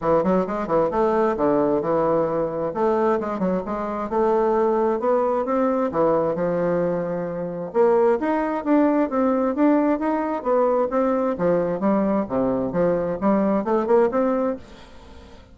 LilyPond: \new Staff \with { instrumentName = "bassoon" } { \time 4/4 \tempo 4 = 132 e8 fis8 gis8 e8 a4 d4 | e2 a4 gis8 fis8 | gis4 a2 b4 | c'4 e4 f2~ |
f4 ais4 dis'4 d'4 | c'4 d'4 dis'4 b4 | c'4 f4 g4 c4 | f4 g4 a8 ais8 c'4 | }